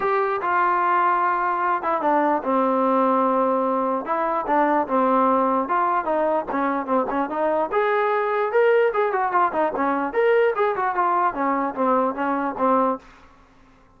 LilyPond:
\new Staff \with { instrumentName = "trombone" } { \time 4/4 \tempo 4 = 148 g'4 f'2.~ | f'8 e'8 d'4 c'2~ | c'2 e'4 d'4 | c'2 f'4 dis'4 |
cis'4 c'8 cis'8 dis'4 gis'4~ | gis'4 ais'4 gis'8 fis'8 f'8 dis'8 | cis'4 ais'4 gis'8 fis'8 f'4 | cis'4 c'4 cis'4 c'4 | }